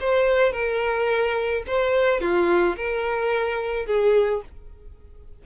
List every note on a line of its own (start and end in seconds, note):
0.00 0.52 C5
0.52 1.63 A#4
1.67 2.20 C5
2.20 2.76 F4
2.76 3.86 A#4
3.86 4.41 G#4